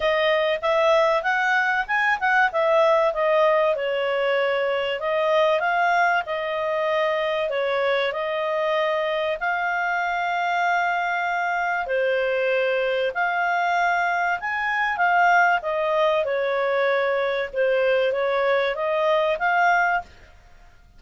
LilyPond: \new Staff \with { instrumentName = "clarinet" } { \time 4/4 \tempo 4 = 96 dis''4 e''4 fis''4 gis''8 fis''8 | e''4 dis''4 cis''2 | dis''4 f''4 dis''2 | cis''4 dis''2 f''4~ |
f''2. c''4~ | c''4 f''2 gis''4 | f''4 dis''4 cis''2 | c''4 cis''4 dis''4 f''4 | }